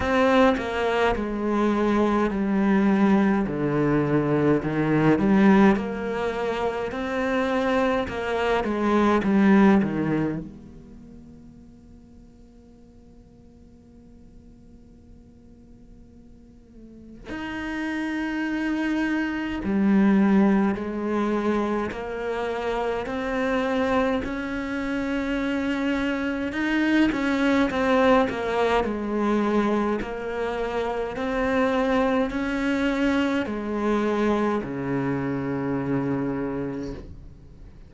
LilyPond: \new Staff \with { instrumentName = "cello" } { \time 4/4 \tempo 4 = 52 c'8 ais8 gis4 g4 d4 | dis8 g8 ais4 c'4 ais8 gis8 | g8 dis8 ais2.~ | ais2. dis'4~ |
dis'4 g4 gis4 ais4 | c'4 cis'2 dis'8 cis'8 | c'8 ais8 gis4 ais4 c'4 | cis'4 gis4 cis2 | }